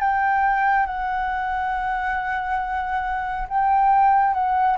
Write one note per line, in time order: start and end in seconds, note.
0.00 0.86 G5
0.86 3.47 F#5
3.48 4.33 G5
4.33 4.77 F#5